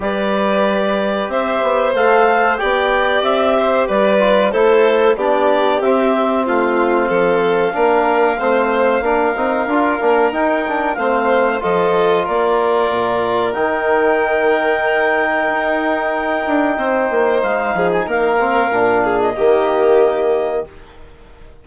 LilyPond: <<
  \new Staff \with { instrumentName = "clarinet" } { \time 4/4 \tempo 4 = 93 d''2 e''4 f''4 | g''4 e''4 d''4 c''4 | d''4 e''4 f''2~ | f''1 |
g''4 f''4 dis''4 d''4~ | d''4 g''2.~ | g''2. f''8. gis''16 | f''4.~ f''16 dis''2~ dis''16 | }
  \new Staff \with { instrumentName = "violin" } { \time 4/4 b'2 c''2 | d''4. c''8 b'4 a'4 | g'2 f'4 a'4 | ais'4 c''4 ais'2~ |
ais'4 c''4 a'4 ais'4~ | ais'1~ | ais'2 c''4. gis'8 | ais'4. gis'8 g'2 | }
  \new Staff \with { instrumentName = "trombone" } { \time 4/4 g'2. a'4 | g'2~ g'8 f'8 e'4 | d'4 c'2. | d'4 c'4 d'8 dis'8 f'8 d'8 |
dis'8 d'8 c'4 f'2~ | f'4 dis'2.~ | dis'1~ | dis'8 c'8 d'4 ais2 | }
  \new Staff \with { instrumentName = "bassoon" } { \time 4/4 g2 c'8 b8 a4 | b4 c'4 g4 a4 | b4 c'4 a4 f4 | ais4 a4 ais8 c'8 d'8 ais8 |
dis'4 a4 f4 ais4 | ais,4 dis2. | dis'4. d'8 c'8 ais8 gis8 f8 | ais4 ais,4 dis2 | }
>>